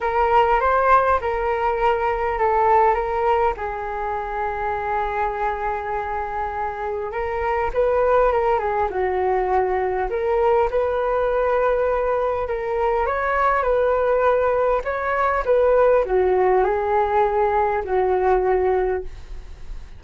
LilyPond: \new Staff \with { instrumentName = "flute" } { \time 4/4 \tempo 4 = 101 ais'4 c''4 ais'2 | a'4 ais'4 gis'2~ | gis'1 | ais'4 b'4 ais'8 gis'8 fis'4~ |
fis'4 ais'4 b'2~ | b'4 ais'4 cis''4 b'4~ | b'4 cis''4 b'4 fis'4 | gis'2 fis'2 | }